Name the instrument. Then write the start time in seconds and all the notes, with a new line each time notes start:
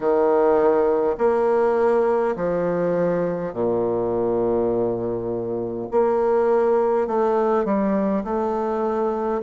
bassoon
0.00 D#3
1.18 A#3
2.36 F3
3.53 A#2
5.91 A#3
7.06 A3
7.65 G3
8.24 A3